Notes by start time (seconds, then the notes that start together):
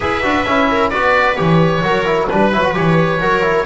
0.00 E4 G#4 B4 E5
0.22 D4 F#4
0.45 C#4 E4
0.71 A#4
0.90 B3 F#4 B4 D5
1.36 E3 G4 C#5
1.81 F#3 F#4 A#4
2.05 E4
2.28 G3 D4 B4
2.52 F#3 E4
2.64 F#4
2.73 E3 G4 C#5
3.20 F#3 F#4 A#4
3.42 E4